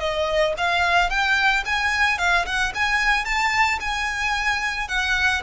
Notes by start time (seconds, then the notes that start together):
0.00 D#5
0.57 F5
1.10 G5
1.65 G#5
2.18 F5
2.46 F#5
2.74 G#5
3.25 A5
3.80 G#5
4.88 F#5